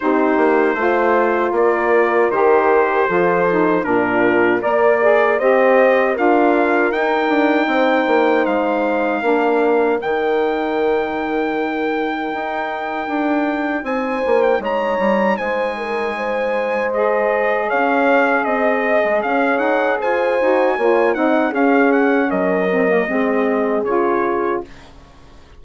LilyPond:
<<
  \new Staff \with { instrumentName = "trumpet" } { \time 4/4 \tempo 4 = 78 c''2 d''4 c''4~ | c''4 ais'4 d''4 dis''4 | f''4 g''2 f''4~ | f''4 g''2.~ |
g''2 gis''8. g''16 ais''4 | gis''2 dis''4 f''4 | dis''4 f''8 fis''8 gis''4. fis''8 | f''8 fis''8 dis''2 cis''4 | }
  \new Staff \with { instrumentName = "horn" } { \time 4/4 g'4 c''4 ais'2 | a'4 f'4 d''4 c''4 | ais'2 c''2 | ais'1~ |
ais'2 c''4 cis''4 | c''8 ais'8 c''2 cis''4 | dis''4 cis''4 c''4 cis''8 dis''8 | gis'4 ais'4 gis'2 | }
  \new Staff \with { instrumentName = "saxophone" } { \time 4/4 dis'4 f'2 g'4 | f'8 dis'8 d'4 ais'8 gis'8 g'4 | f'4 dis'2. | d'4 dis'2.~ |
dis'1~ | dis'2 gis'2~ | gis'2~ gis'8 fis'8 f'8 dis'8 | cis'4. c'16 ais16 c'4 f'4 | }
  \new Staff \with { instrumentName = "bassoon" } { \time 4/4 c'8 ais8 a4 ais4 dis4 | f4 ais,4 ais4 c'4 | d'4 dis'8 d'8 c'8 ais8 gis4 | ais4 dis2. |
dis'4 d'4 c'8 ais8 gis8 g8 | gis2. cis'4 | c'8. gis16 cis'8 dis'8 f'8 dis'8 ais8 c'8 | cis'4 fis4 gis4 cis4 | }
>>